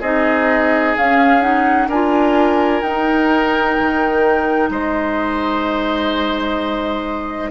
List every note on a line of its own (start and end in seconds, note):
0.00 0.94 C4
0.00 0.97 D#4
0.00 1.88 G#4
0.00 0.95 D#5
0.96 1.40 C#4
0.96 1.88 C#4
0.96 1.41 F5
1.40 1.87 D#4
1.40 1.88 F#5
1.88 2.81 D4
1.88 2.83 F4
1.88 4.69 A#4
1.88 2.82 G#5
2.82 3.76 D#4
2.82 7.50 D#4
2.82 4.69 G5
3.78 4.69 D#3
4.69 7.50 G#3
4.69 7.50 C5
4.69 7.50 D#5